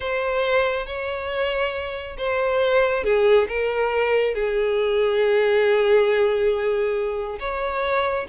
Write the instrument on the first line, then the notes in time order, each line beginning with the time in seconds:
violin
0.00 C5
0.86 C#5
2.17 C5
3.04 G#4
3.48 A#4
4.34 G#4
7.39 C#5